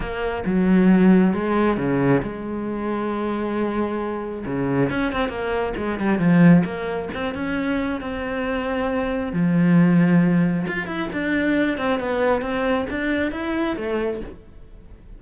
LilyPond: \new Staff \with { instrumentName = "cello" } { \time 4/4 \tempo 4 = 135 ais4 fis2 gis4 | cis4 gis2.~ | gis2 cis4 cis'8 c'8 | ais4 gis8 g8 f4 ais4 |
c'8 cis'4. c'2~ | c'4 f2. | f'8 e'8 d'4. c'8 b4 | c'4 d'4 e'4 a4 | }